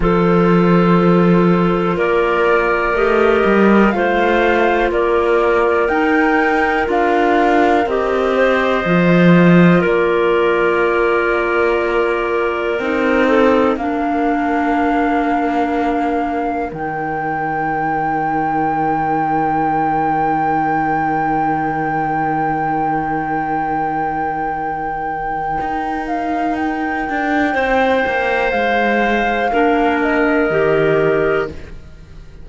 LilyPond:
<<
  \new Staff \with { instrumentName = "flute" } { \time 4/4 \tempo 4 = 61 c''2 d''4 dis''4 | f''4 d''4 g''4 f''4 | dis''2 d''2~ | d''4 dis''4 f''2~ |
f''4 g''2.~ | g''1~ | g''2~ g''8 f''8 g''4~ | g''4 f''4. dis''4. | }
  \new Staff \with { instrumentName = "clarinet" } { \time 4/4 a'2 ais'2 | c''4 ais'2.~ | ais'8 c''4. ais'2~ | ais'4. a'8 ais'2~ |
ais'1~ | ais'1~ | ais'1 | c''2 ais'2 | }
  \new Staff \with { instrumentName = "clarinet" } { \time 4/4 f'2. g'4 | f'2 dis'4 f'4 | g'4 f'2.~ | f'4 dis'4 d'2~ |
d'4 dis'2.~ | dis'1~ | dis'1~ | dis'2 d'4 g'4 | }
  \new Staff \with { instrumentName = "cello" } { \time 4/4 f2 ais4 a8 g8 | a4 ais4 dis'4 d'4 | c'4 f4 ais2~ | ais4 c'4 ais2~ |
ais4 dis2.~ | dis1~ | dis2 dis'4. d'8 | c'8 ais8 gis4 ais4 dis4 | }
>>